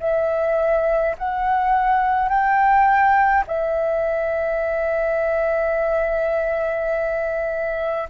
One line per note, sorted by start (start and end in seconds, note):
0.00 1.15 E5
1.18 2.29 F#5
2.29 3.44 G5
3.47 8.09 E5